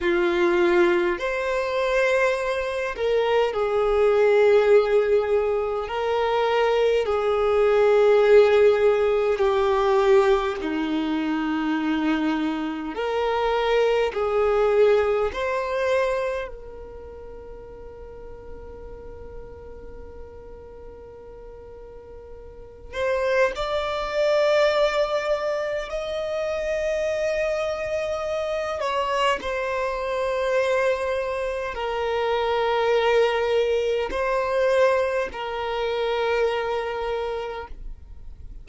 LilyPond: \new Staff \with { instrumentName = "violin" } { \time 4/4 \tempo 4 = 51 f'4 c''4. ais'8 gis'4~ | gis'4 ais'4 gis'2 | g'4 dis'2 ais'4 | gis'4 c''4 ais'2~ |
ais'2.~ ais'8 c''8 | d''2 dis''2~ | dis''8 cis''8 c''2 ais'4~ | ais'4 c''4 ais'2 | }